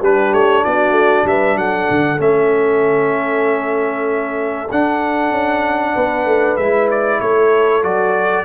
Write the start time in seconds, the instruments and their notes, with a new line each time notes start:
0.00 tuba G3, trombone D4, horn G4, trumpet B4
0.33 tuba A3, trumpet C#5
0.64 tuba B3, horn F#4, trumpet D5
0.91 tuba A3
1.24 tuba G3, horn B4, trumpet E5
1.56 tuba F#3, horn A4, trumpet F#5
1.90 tuba D3
2.18 tuba A3, trombone C#4, trumpet E5
4.71 tuba D4, trombone D4, trumpet F#5
5.31 tuba C#4
5.94 tuba B3, horn B4
6.26 tuba A3
6.57 tuba G#3, trombone E4, trumpet E5
6.91 trumpet D5
7.20 tuba A3, horn A4, trumpet C#5
7.82 tuba F#3, trombone F#4, trumpet D5